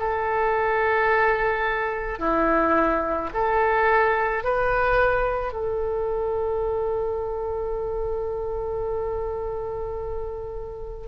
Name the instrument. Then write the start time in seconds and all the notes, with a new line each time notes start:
oboe
0.00 A4
2.19 E4
3.34 A4
4.44 B4
5.53 A4